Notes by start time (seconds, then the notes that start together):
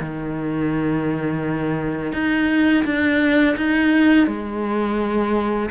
0.00 D#3
2.13 D#4
2.84 D4
3.56 D#4
4.27 G#3